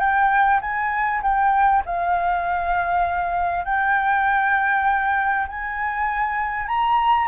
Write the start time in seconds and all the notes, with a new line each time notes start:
0.00 G5
0.61 G#5
1.23 G5
1.86 F5
3.65 G5
5.48 G#5
6.68 A#5